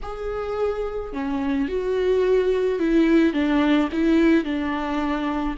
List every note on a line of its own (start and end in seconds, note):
0.02 1.12 G#4
1.12 1.68 C#4
1.68 2.79 F#4
2.79 3.33 E4
3.33 3.88 D4
3.92 4.44 E4
4.44 5.55 D4